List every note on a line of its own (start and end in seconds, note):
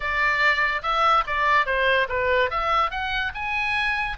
0.00 0.82 D5
0.82 1.24 E5
1.26 1.66 D5
1.66 2.07 C5
2.08 2.50 B4
2.50 2.90 E5
2.90 3.32 F#5
3.34 4.17 G#5